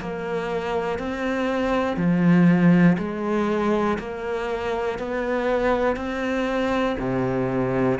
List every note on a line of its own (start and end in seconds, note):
0.00 0.98 A#3
0.98 1.96 C4
1.96 2.96 F3
2.98 3.98 G#3
3.99 4.99 A#3
4.99 5.96 B3
5.96 6.96 C4
6.99 7.99 C3